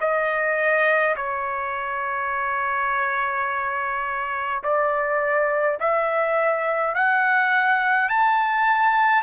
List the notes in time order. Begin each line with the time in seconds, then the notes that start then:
0.00 D#5
1.16 C#5
4.63 D5
5.80 E5
6.94 F#5
8.09 A5